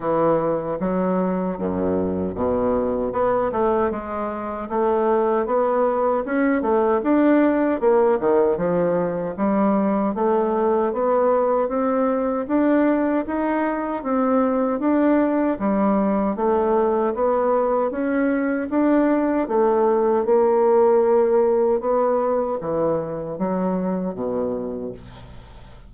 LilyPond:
\new Staff \with { instrumentName = "bassoon" } { \time 4/4 \tempo 4 = 77 e4 fis4 fis,4 b,4 | b8 a8 gis4 a4 b4 | cis'8 a8 d'4 ais8 dis8 f4 | g4 a4 b4 c'4 |
d'4 dis'4 c'4 d'4 | g4 a4 b4 cis'4 | d'4 a4 ais2 | b4 e4 fis4 b,4 | }